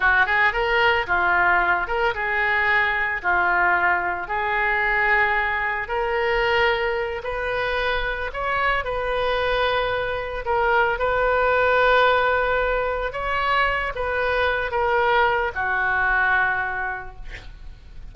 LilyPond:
\new Staff \with { instrumentName = "oboe" } { \time 4/4 \tempo 4 = 112 fis'8 gis'8 ais'4 f'4. ais'8 | gis'2 f'2 | gis'2. ais'4~ | ais'4. b'2 cis''8~ |
cis''8 b'2. ais'8~ | ais'8 b'2.~ b'8~ | b'8 cis''4. b'4. ais'8~ | ais'4 fis'2. | }